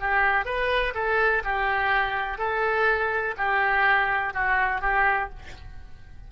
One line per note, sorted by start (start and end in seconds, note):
0.00 0.45 G4
0.45 0.94 B4
0.95 1.43 A4
1.44 2.38 G4
2.38 3.35 A4
3.37 4.34 G4
4.34 4.81 F#4
4.81 5.30 G4